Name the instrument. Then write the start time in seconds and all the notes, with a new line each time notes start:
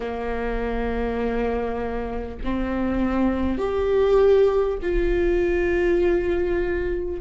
viola
0.00 A#3
2.43 C4
3.57 G4
4.82 F4